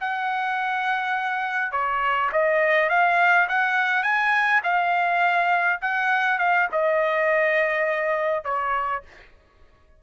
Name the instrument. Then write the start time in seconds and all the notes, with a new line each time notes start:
trumpet
0.00 F#5
1.71 C#5
2.32 D#5
2.89 F5
3.48 F#5
4.02 G#5
4.63 F5
5.81 F#5
6.38 F5
6.71 D#5
8.44 C#5